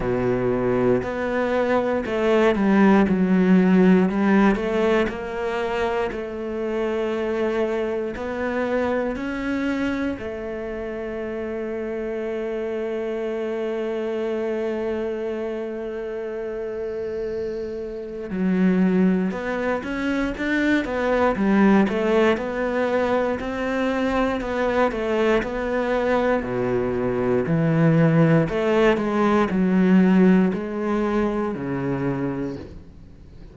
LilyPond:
\new Staff \with { instrumentName = "cello" } { \time 4/4 \tempo 4 = 59 b,4 b4 a8 g8 fis4 | g8 a8 ais4 a2 | b4 cis'4 a2~ | a1~ |
a2 fis4 b8 cis'8 | d'8 b8 g8 a8 b4 c'4 | b8 a8 b4 b,4 e4 | a8 gis8 fis4 gis4 cis4 | }